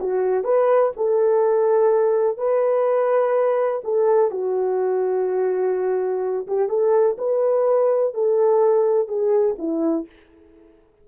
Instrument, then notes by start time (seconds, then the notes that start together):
horn
0.00 F#4
0.44 B4
0.96 A4
2.38 B4
3.84 A4
4.31 F#4
6.47 G4
6.69 A4
7.18 B4
8.14 A4
9.08 G#4
9.58 E4